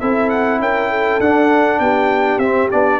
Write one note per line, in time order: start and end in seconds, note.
0.00 0.59 C4
0.00 1.21 E4
0.00 0.61 A4
0.00 0.30 E5
0.30 0.60 F#5
0.59 1.19 C#4
0.59 0.90 A#4
0.59 1.21 G5
0.90 1.80 A4
1.20 1.80 D4
1.20 2.42 D4
1.20 1.80 F#5
1.80 2.38 B3
1.80 3.00 G4
1.80 2.39 G5
2.38 2.68 C4
2.38 2.71 C4
2.38 2.69 E5
2.71 3.00 B3
2.71 3.00 D4
2.71 3.00 D5